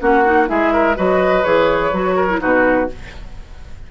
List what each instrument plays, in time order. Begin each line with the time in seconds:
0.00 bassoon A#3, clarinet C#4, oboe F#4, flute F#5
0.25 clarinet D#4
0.48 bassoon G#3, clarinet E4, oboe G#4, flute E5
0.73 oboe A#4
0.96 bassoon F#3, clarinet F#4, oboe B4, flute D#5
1.44 bassoon E3, clarinet G#4, flute C#5
1.93 bassoon F#3, clarinet F#4
2.17 oboe A#4
2.30 clarinet E4
2.40 bassoon B2, clarinet D#4, oboe F#4, flute B4